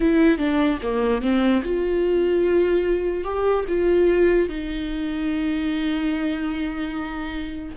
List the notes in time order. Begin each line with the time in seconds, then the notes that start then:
0.00 E4
0.38 D4
0.82 A#3
1.21 C4
1.64 F4
3.24 G4
3.67 F4
4.48 D#4